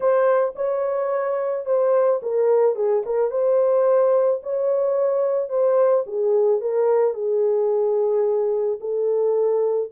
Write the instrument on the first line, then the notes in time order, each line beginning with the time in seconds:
horn
0.00 C5
0.55 C#5
1.65 C5
2.22 A#4
2.75 G#4
3.05 A#4
3.30 C5
4.43 C#5
5.49 C5
6.06 G#4
6.61 A#4
7.14 G#4
8.80 A4